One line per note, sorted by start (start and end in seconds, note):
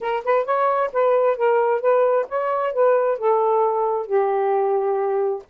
0.00 0.23 A#4
0.24 0.44 B4
0.44 0.90 C#5
0.92 1.36 B4
1.36 1.80 A#4
1.80 2.26 B4
2.28 2.73 C#5
2.73 3.18 B4
3.18 4.06 A4
4.06 5.42 G4